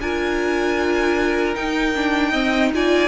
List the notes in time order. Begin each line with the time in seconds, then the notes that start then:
0.00 D4 F4 A#4 G#5
1.55 D#4 G5
1.96 D4
2.31 C4 D#5
2.74 F4 D5 G#5